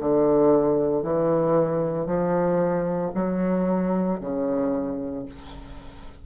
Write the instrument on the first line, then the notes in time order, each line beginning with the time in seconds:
bassoon
0.00 D3
1.03 E3
2.07 F3
3.15 F#3
4.21 C#3